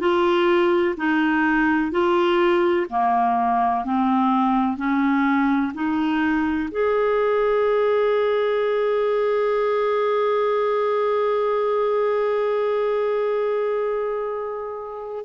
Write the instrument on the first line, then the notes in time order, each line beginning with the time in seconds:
clarinet
0.00 F4
0.97 D#4
1.92 F4
2.90 A#3
3.85 C4
4.77 C#4
5.74 D#4
6.71 G#4